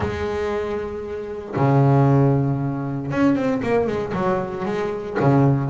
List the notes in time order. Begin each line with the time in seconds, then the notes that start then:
0.00 G#3
1.55 C#3
3.11 C#4
3.35 C4
3.63 A#3
3.87 G#3
4.13 F#3
4.65 G#3
5.20 C#3